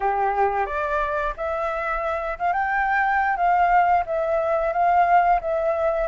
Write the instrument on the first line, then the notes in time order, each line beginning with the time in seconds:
flute
0.00 G4
0.66 D5
1.37 E5
2.38 F5
2.53 G5
3.36 F5
4.05 E5
4.72 F5
5.40 E5